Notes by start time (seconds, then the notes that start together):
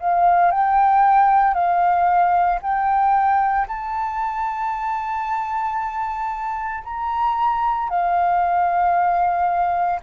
0.00 F5
0.51 G5
1.54 F5
2.62 G5
3.67 A5
6.84 A#5
7.89 F5